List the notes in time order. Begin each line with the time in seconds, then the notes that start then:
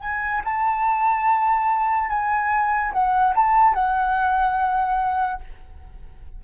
0.00 G#5
0.45 A5
2.09 G#5
2.92 F#5
3.35 A5
3.74 F#5